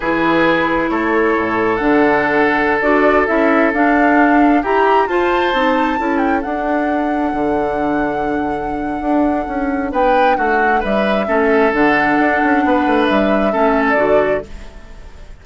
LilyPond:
<<
  \new Staff \with { instrumentName = "flute" } { \time 4/4 \tempo 4 = 133 b'2 cis''2 | fis''2~ fis''16 d''4 e''8.~ | e''16 f''2 ais''4 a''8.~ | a''4.~ a''16 g''8 fis''4.~ fis''16~ |
fis''1~ | fis''2 g''4 fis''4 | e''2 fis''2~ | fis''4 e''4.~ e''16 d''4~ d''16 | }
  \new Staff \with { instrumentName = "oboe" } { \time 4/4 gis'2 a'2~ | a'1~ | a'2~ a'16 g'4 c''8.~ | c''4~ c''16 a'2~ a'8.~ |
a'1~ | a'2 b'4 fis'4 | b'4 a'2. | b'2 a'2 | }
  \new Staff \with { instrumentName = "clarinet" } { \time 4/4 e'1 | d'2~ d'16 fis'4 e'8.~ | e'16 d'2 g'4 f'8.~ | f'16 dis'4 e'4 d'4.~ d'16~ |
d'1~ | d'1~ | d'4 cis'4 d'2~ | d'2 cis'4 fis'4 | }
  \new Staff \with { instrumentName = "bassoon" } { \time 4/4 e2 a4 a,4 | d2~ d16 d'4 cis'8.~ | cis'16 d'2 e'4 f'8.~ | f'16 c'4 cis'4 d'4.~ d'16~ |
d'16 d2.~ d8. | d'4 cis'4 b4 a4 | g4 a4 d4 d'8 cis'8 | b8 a8 g4 a4 d4 | }
>>